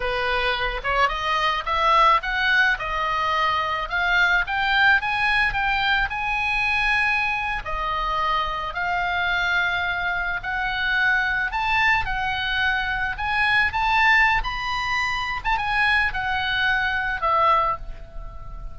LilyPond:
\new Staff \with { instrumentName = "oboe" } { \time 4/4 \tempo 4 = 108 b'4. cis''8 dis''4 e''4 | fis''4 dis''2 f''4 | g''4 gis''4 g''4 gis''4~ | gis''4.~ gis''16 dis''2 f''16~ |
f''2~ f''8. fis''4~ fis''16~ | fis''8. a''4 fis''2 gis''16~ | gis''8. a''4~ a''16 b''4.~ b''16 a''16 | gis''4 fis''2 e''4 | }